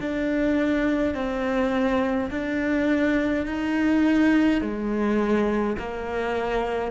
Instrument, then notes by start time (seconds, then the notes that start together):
cello
0.00 D4
1.14 C4
2.30 D4
3.46 D#4
4.61 G#3
5.78 A#3